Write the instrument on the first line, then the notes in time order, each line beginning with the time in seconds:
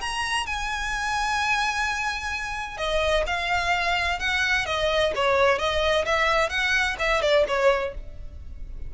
violin
0.00 A#5
0.46 G#5
2.77 D#5
3.26 F5
4.19 F#5
4.66 D#5
5.15 C#5
5.58 D#5
6.05 E5
6.49 F#5
6.99 E5
7.21 D5
7.47 C#5